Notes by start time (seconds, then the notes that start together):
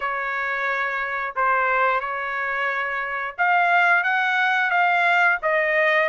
0.00 C#5
1.35 C5
2.00 C#5
3.37 F5
4.03 F#5
4.70 F5
5.42 D#5